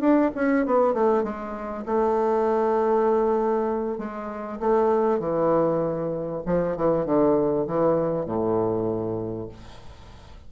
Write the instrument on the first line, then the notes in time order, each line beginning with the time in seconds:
bassoon
0.00 D4
0.35 C#4
0.66 B3
0.94 A3
1.23 G#3
1.86 A3
3.98 G#3
4.60 A3
5.20 E3
6.46 F3
6.77 E3
7.05 D3
7.67 E3
8.26 A2